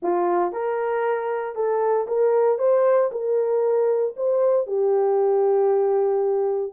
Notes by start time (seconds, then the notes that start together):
0.02 F4
0.52 A#4
1.55 A4
2.07 A#4
2.58 C5
3.11 A#4
4.16 C5
4.66 G4